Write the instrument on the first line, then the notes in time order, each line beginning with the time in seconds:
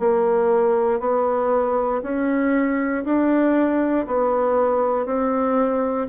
bassoon
0.00 A#3
1.00 B3
2.03 C#4
3.05 D4
4.07 B3
5.06 C4